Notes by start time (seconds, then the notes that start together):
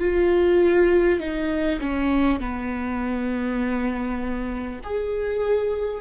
0.00 F4
1.20 D#4
1.81 C#4
2.40 B3
4.84 G#4